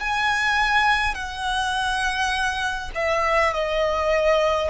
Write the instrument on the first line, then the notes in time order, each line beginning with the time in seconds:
violin
0.00 G#5
1.14 F#5
2.95 E5
3.53 D#5